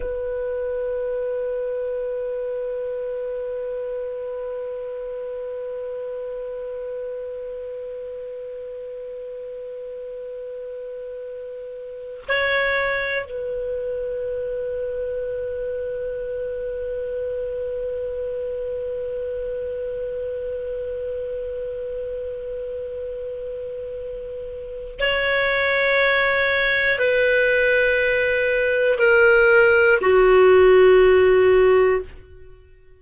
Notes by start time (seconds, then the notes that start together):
0.00 B4
12.28 C#5
13.25 B4
25.00 C#5
26.99 B4
28.99 A#4
30.01 F#4